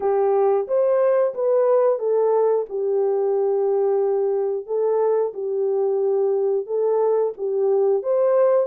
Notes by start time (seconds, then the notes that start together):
0.00 G4
0.67 C5
1.34 B4
1.98 A4
2.69 G4
4.66 A4
5.33 G4
6.66 A4
7.37 G4
8.02 C5